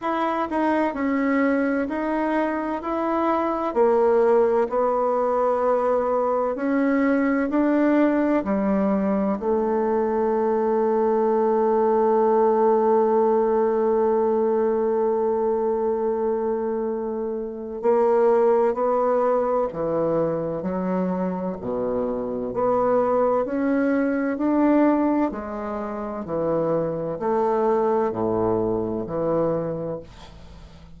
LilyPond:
\new Staff \with { instrumentName = "bassoon" } { \time 4/4 \tempo 4 = 64 e'8 dis'8 cis'4 dis'4 e'4 | ais4 b2 cis'4 | d'4 g4 a2~ | a1~ |
a2. ais4 | b4 e4 fis4 b,4 | b4 cis'4 d'4 gis4 | e4 a4 a,4 e4 | }